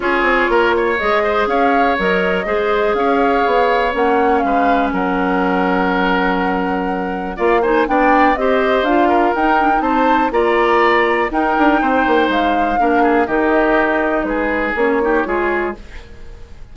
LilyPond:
<<
  \new Staff \with { instrumentName = "flute" } { \time 4/4 \tempo 4 = 122 cis''2 dis''4 f''4 | dis''2 f''2 | fis''4 f''4 fis''2~ | fis''2. f''8 gis''8 |
g''4 dis''4 f''4 g''4 | a''4 ais''2 g''4~ | g''4 f''2 dis''4~ | dis''4 b'4 cis''2 | }
  \new Staff \with { instrumentName = "oboe" } { \time 4/4 gis'4 ais'8 cis''4 c''8 cis''4~ | cis''4 c''4 cis''2~ | cis''4 b'4 ais'2~ | ais'2. d''8 c''8 |
d''4 c''4. ais'4. | c''4 d''2 ais'4 | c''2 ais'8 gis'8 g'4~ | g'4 gis'4. g'8 gis'4 | }
  \new Staff \with { instrumentName = "clarinet" } { \time 4/4 f'2 gis'2 | ais'4 gis'2. | cis'1~ | cis'2. f'8 dis'8 |
d'4 g'4 f'4 dis'8 d'16 dis'16~ | dis'4 f'2 dis'4~ | dis'2 d'4 dis'4~ | dis'2 cis'8 dis'8 f'4 | }
  \new Staff \with { instrumentName = "bassoon" } { \time 4/4 cis'8 c'8 ais4 gis4 cis'4 | fis4 gis4 cis'4 b4 | ais4 gis4 fis2~ | fis2. ais4 |
b4 c'4 d'4 dis'4 | c'4 ais2 dis'8 d'8 | c'8 ais8 gis4 ais4 dis4~ | dis4 gis4 ais4 gis4 | }
>>